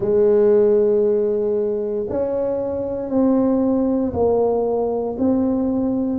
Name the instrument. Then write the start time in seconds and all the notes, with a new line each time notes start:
tuba
0.00 G#3
2.09 C#4
3.09 C4
4.13 A#3
5.18 C4